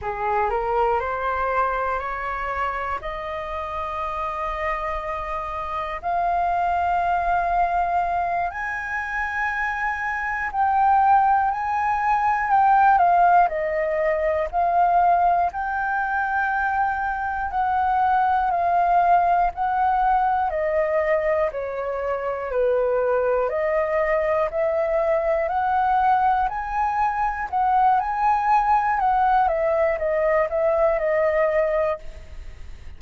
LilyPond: \new Staff \with { instrumentName = "flute" } { \time 4/4 \tempo 4 = 60 gis'8 ais'8 c''4 cis''4 dis''4~ | dis''2 f''2~ | f''8 gis''2 g''4 gis''8~ | gis''8 g''8 f''8 dis''4 f''4 g''8~ |
g''4. fis''4 f''4 fis''8~ | fis''8 dis''4 cis''4 b'4 dis''8~ | dis''8 e''4 fis''4 gis''4 fis''8 | gis''4 fis''8 e''8 dis''8 e''8 dis''4 | }